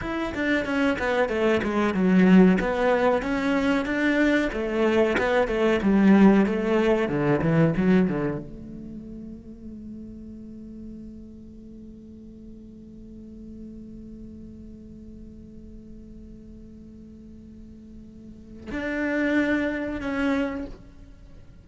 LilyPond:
\new Staff \with { instrumentName = "cello" } { \time 4/4 \tempo 4 = 93 e'8 d'8 cis'8 b8 a8 gis8 fis4 | b4 cis'4 d'4 a4 | b8 a8 g4 a4 d8 e8 | fis8 d8 a2.~ |
a1~ | a1~ | a1~ | a4 d'2 cis'4 | }